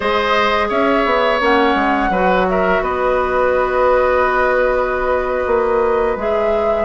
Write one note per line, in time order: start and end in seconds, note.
0.00 0.70 G#3
0.00 1.41 G#4
0.00 0.67 C5
0.00 0.69 D#5
0.68 1.05 C#4
0.68 2.10 C#5
0.68 1.40 E5
1.05 1.40 B3
1.41 1.74 A#3
1.41 2.11 C#4
1.41 2.49 F#5
1.74 2.09 G#3
2.09 2.80 F#3
2.09 6.18 F#4
2.09 2.46 B4
2.49 2.82 A#4
2.49 2.83 E5
2.81 5.45 B3
2.81 6.85 B4
2.81 6.18 D#5
5.46 6.16 A#3
6.16 6.85 G#3
6.16 6.85 G#4
6.16 6.85 E5